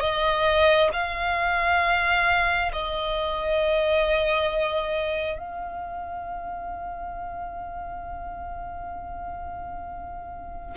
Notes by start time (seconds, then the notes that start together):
0.00 D#5
0.92 F5
2.72 D#5
5.38 F5